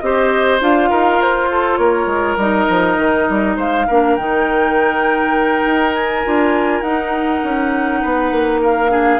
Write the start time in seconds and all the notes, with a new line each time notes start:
0.00 C4 G4 C5 D#5
0.60 D4 F4 F5
0.90 D#4 A#4
1.19 F4 C5
1.51 A4
1.76 A#3 A#4 C#5
2.06 G#3
2.36 G3 D#4 D#5
2.69 F3
2.97 D#3
3.29 G3
3.56 G#3 C5 F5
3.87 A#3 D4 A#4
4.15 D#3 D#4 G5
5.65 D#4
5.94 G#5
6.24 D4 F4
6.81 D#4 F#5
7.43 C#4
8.01 B3 B4
8.31 A#3
8.61 A#4 F5
8.89 D4 G#4